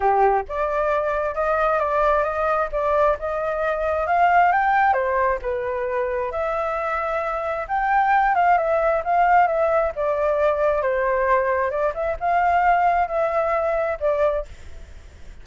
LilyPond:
\new Staff \with { instrumentName = "flute" } { \time 4/4 \tempo 4 = 133 g'4 d''2 dis''4 | d''4 dis''4 d''4 dis''4~ | dis''4 f''4 g''4 c''4 | b'2 e''2~ |
e''4 g''4. f''8 e''4 | f''4 e''4 d''2 | c''2 d''8 e''8 f''4~ | f''4 e''2 d''4 | }